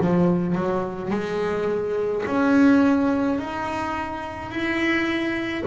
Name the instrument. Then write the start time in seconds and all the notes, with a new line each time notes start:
double bass
0.00 F3
0.55 F#3
1.11 G#3
2.25 C#4
3.39 D#4
4.50 E4